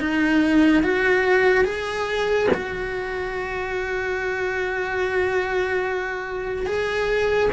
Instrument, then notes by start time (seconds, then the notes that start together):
cello
0.00 D#4
0.84 F#4
1.65 G#4
2.54 F#4
6.67 G#4